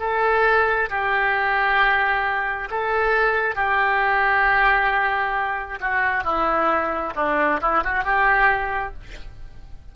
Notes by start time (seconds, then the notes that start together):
0.00 A4
0.90 G4
2.71 A4
3.55 G4
5.81 F#4
6.24 E4
7.16 D4
7.62 E4
7.84 F#4
8.04 G4